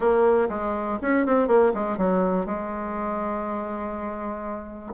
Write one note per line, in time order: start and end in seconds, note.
0.00 0.48 A#3
0.49 0.98 G#3
1.01 1.26 C#4
1.26 1.47 C4
1.47 1.72 A#3
1.74 1.97 G#3
1.97 2.45 F#3
2.45 4.93 G#3